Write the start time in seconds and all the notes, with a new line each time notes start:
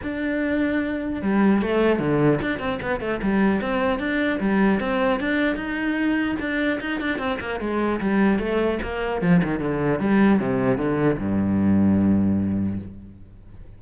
0.02 D4
1.21 G3
1.61 A3
1.99 D3
2.42 D4
2.59 C4
2.82 B3
3.00 A3
3.22 G3
3.61 C4
3.99 D4
4.40 G3
4.79 C4
5.20 D4
5.56 D#4
6.39 D4
6.80 D#4
7.00 D4
7.18 C4
7.40 A#3
7.59 G#3
8.00 G3
8.38 A3
8.82 A#3
9.21 F3
9.43 D#3
9.59 D3
9.99 G3
10.39 C3
10.77 D3
11.18 G2